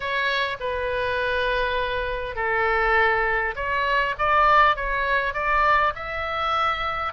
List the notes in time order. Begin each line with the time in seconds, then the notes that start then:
0.00 C#5
0.59 B4
2.35 A4
3.55 C#5
4.18 D5
4.76 C#5
5.33 D5
5.95 E5